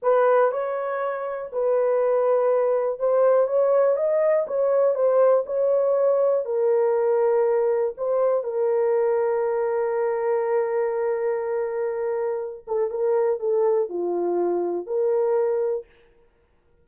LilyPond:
\new Staff \with { instrumentName = "horn" } { \time 4/4 \tempo 4 = 121 b'4 cis''2 b'4~ | b'2 c''4 cis''4 | dis''4 cis''4 c''4 cis''4~ | cis''4 ais'2. |
c''4 ais'2.~ | ais'1~ | ais'4. a'8 ais'4 a'4 | f'2 ais'2 | }